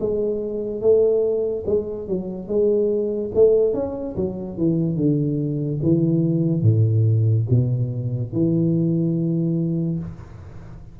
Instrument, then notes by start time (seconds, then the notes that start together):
tuba
0.00 G#3
0.81 A3
1.66 G#3
2.08 F#3
2.48 G#3
3.34 A3
3.74 C#4
4.16 F#3
4.58 E3
4.96 D3
5.83 E3
6.62 A2
7.50 B2
8.33 E3